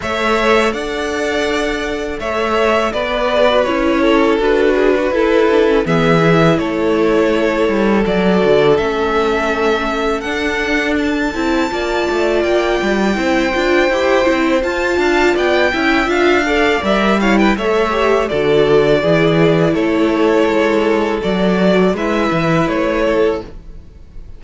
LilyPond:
<<
  \new Staff \with { instrumentName = "violin" } { \time 4/4 \tempo 4 = 82 e''4 fis''2 e''4 | d''4 cis''4 b'2 | e''4 cis''2 d''4 | e''2 fis''4 a''4~ |
a''4 g''2. | a''4 g''4 f''4 e''8 f''16 g''16 | e''4 d''2 cis''4~ | cis''4 d''4 e''4 cis''4 | }
  \new Staff \with { instrumentName = "violin" } { \time 4/4 cis''4 d''2 cis''4 | b'4. a'4 gis'16 fis'16 a'4 | gis'4 a'2.~ | a'1 |
d''2 c''2~ | c''8 f''8 d''8 e''4 d''4 cis''16 b'16 | cis''4 a'4 gis'4 a'4~ | a'2 b'4. a'8 | }
  \new Staff \with { instrumentName = "viola" } { \time 4/4 a'1~ | a'8 gis'16 fis'16 e'4 fis'4 e'8 d'16 cis'16 | b8 e'2~ e'8 fis'4 | cis'2 d'4. e'8 |
f'2 e'8 f'8 g'8 e'8 | f'4. e'8 f'8 a'8 ais'8 e'8 | a'8 g'8 fis'4 e'2~ | e'4 fis'4 e'2 | }
  \new Staff \with { instrumentName = "cello" } { \time 4/4 a4 d'2 a4 | b4 cis'4 d'4 e'4 | e4 a4. g8 fis8 d8 | a2 d'4. c'8 |
ais8 a8 ais8 g8 c'8 d'8 e'8 c'8 | f'8 d'8 b8 cis'8 d'4 g4 | a4 d4 e4 a4 | gis4 fis4 gis8 e8 a4 | }
>>